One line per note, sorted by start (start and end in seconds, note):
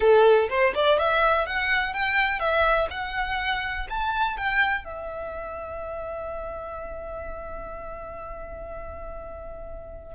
0.00 0.48 A4
0.49 0.73 C5
0.75 0.98 D5
0.98 1.46 E5
1.46 1.93 F#5
1.93 2.39 G5
2.39 2.87 E5
2.90 3.87 F#5
3.89 4.37 A5
4.37 4.84 G5
4.84 10.15 E5